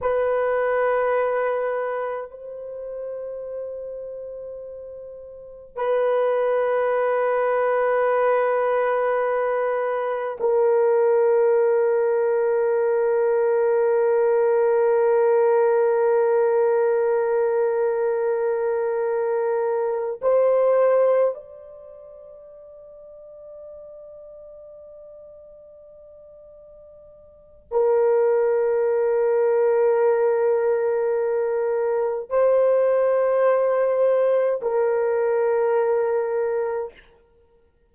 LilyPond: \new Staff \with { instrumentName = "horn" } { \time 4/4 \tempo 4 = 52 b'2 c''2~ | c''4 b'2.~ | b'4 ais'2.~ | ais'1~ |
ais'4. c''4 d''4.~ | d''1 | ais'1 | c''2 ais'2 | }